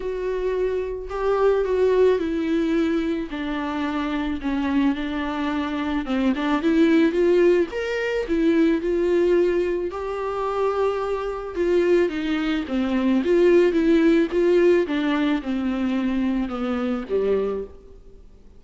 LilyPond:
\new Staff \with { instrumentName = "viola" } { \time 4/4 \tempo 4 = 109 fis'2 g'4 fis'4 | e'2 d'2 | cis'4 d'2 c'8 d'8 | e'4 f'4 ais'4 e'4 |
f'2 g'2~ | g'4 f'4 dis'4 c'4 | f'4 e'4 f'4 d'4 | c'2 b4 g4 | }